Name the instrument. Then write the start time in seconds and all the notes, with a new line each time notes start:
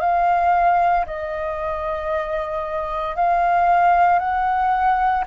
flute
0.00 F5
1.06 D#5
3.16 F5
4.19 F#5